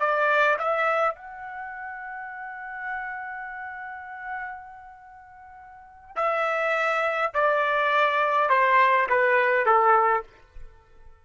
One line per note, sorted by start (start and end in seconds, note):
0.00 0.58 D5
0.59 1.15 E5
1.15 6.17 F#5
6.17 7.32 E5
7.34 8.50 D5
8.50 9.08 C5
9.09 9.66 B4
9.66 10.24 A4